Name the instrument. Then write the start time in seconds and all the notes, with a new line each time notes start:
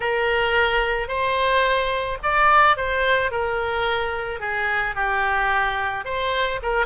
oboe
0.00 A#4
1.08 C5
2.23 D5
2.76 C5
3.31 A#4
4.40 G#4
4.95 G4
6.05 C5
6.62 A#4